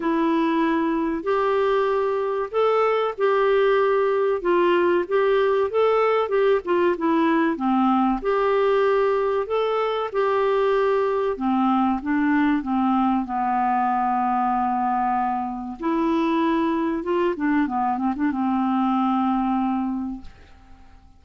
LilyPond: \new Staff \with { instrumentName = "clarinet" } { \time 4/4 \tempo 4 = 95 e'2 g'2 | a'4 g'2 f'4 | g'4 a'4 g'8 f'8 e'4 | c'4 g'2 a'4 |
g'2 c'4 d'4 | c'4 b2.~ | b4 e'2 f'8 d'8 | b8 c'16 d'16 c'2. | }